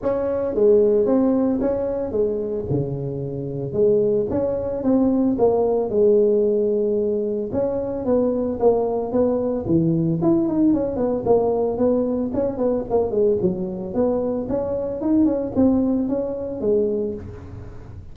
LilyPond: \new Staff \with { instrumentName = "tuba" } { \time 4/4 \tempo 4 = 112 cis'4 gis4 c'4 cis'4 | gis4 cis2 gis4 | cis'4 c'4 ais4 gis4~ | gis2 cis'4 b4 |
ais4 b4 e4 e'8 dis'8 | cis'8 b8 ais4 b4 cis'8 b8 | ais8 gis8 fis4 b4 cis'4 | dis'8 cis'8 c'4 cis'4 gis4 | }